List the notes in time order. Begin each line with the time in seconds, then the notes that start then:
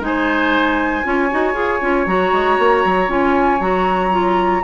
0.00 G#3 D#4 G#5
0.06 C5
1.04 C#4 F4 C#5
1.31 D#4 F#4
1.54 F4 G#4
1.82 C#4 F4
2.06 F#3 F#4 A#5
2.32 G#3
2.59 A#3
2.85 F#3
3.07 C#4 F4 G#5
3.60 F#3 F#4 A#5
4.11 F4